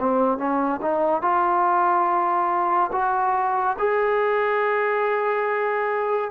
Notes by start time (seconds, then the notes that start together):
0.00 C4
0.38 C#4
0.83 D#4
1.22 F4
2.93 F#4
3.79 G#4